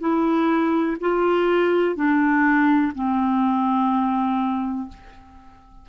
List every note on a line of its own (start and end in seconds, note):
0.00 0.97 E4
1.01 1.96 F4
1.96 2.93 D4
2.95 4.89 C4